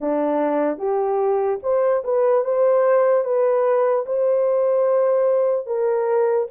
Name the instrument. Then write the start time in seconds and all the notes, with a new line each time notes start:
horn
0.00 D4
0.78 G4
1.62 C5
2.03 B4
2.44 C5
3.24 B4
4.06 C5
5.66 A#4